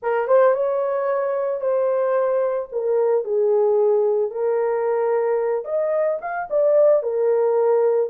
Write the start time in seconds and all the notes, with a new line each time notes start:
0.02 A#4
0.27 C5
0.54 C#5
1.60 C5
2.72 A#4
3.24 G#4
4.30 A#4
5.64 D#5
6.21 F5
6.50 D5
7.03 A#4